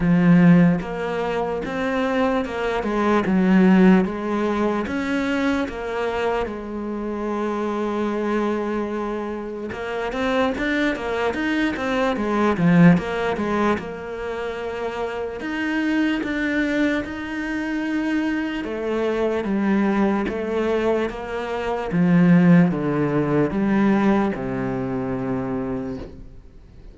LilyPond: \new Staff \with { instrumentName = "cello" } { \time 4/4 \tempo 4 = 74 f4 ais4 c'4 ais8 gis8 | fis4 gis4 cis'4 ais4 | gis1 | ais8 c'8 d'8 ais8 dis'8 c'8 gis8 f8 |
ais8 gis8 ais2 dis'4 | d'4 dis'2 a4 | g4 a4 ais4 f4 | d4 g4 c2 | }